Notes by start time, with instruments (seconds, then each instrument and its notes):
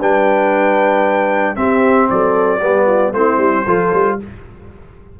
0.00 tuba G3, trombone D4, horn B4, trumpet G5
1.56 trombone C4, tuba C4, horn G4, trumpet E5
2.10 tuba F#3, horn A4, trumpet D5
2.60 tuba G3, trombone B3, horn G4
2.87 horn F4
3.13 tuba A3, trombone C4, horn E4, trumpet C5
3.38 tuba G3
3.67 tuba F3, trombone F4, horn A4
3.94 tuba G3